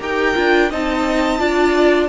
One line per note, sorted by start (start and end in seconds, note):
0.00 0.35 D#4
0.00 0.35 G4
0.00 0.70 A#4
0.00 0.72 G5
0.35 0.72 D4
0.35 0.70 F4
0.70 1.40 C4
0.70 1.39 D#4
0.70 1.40 D#5
0.70 2.08 A5
1.39 2.08 D4
1.39 2.08 F4
1.39 2.08 D5